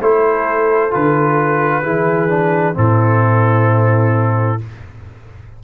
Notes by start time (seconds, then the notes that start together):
0.00 A3 E4 A4 C5
0.90 D3 F4 B4
1.82 E3 E4 G#4
2.29 D4
2.74 A2 C4 E4 A4